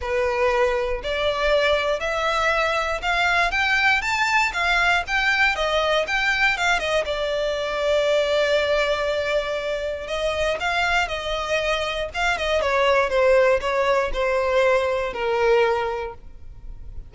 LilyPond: \new Staff \with { instrumentName = "violin" } { \time 4/4 \tempo 4 = 119 b'2 d''2 | e''2 f''4 g''4 | a''4 f''4 g''4 dis''4 | g''4 f''8 dis''8 d''2~ |
d''1 | dis''4 f''4 dis''2 | f''8 dis''8 cis''4 c''4 cis''4 | c''2 ais'2 | }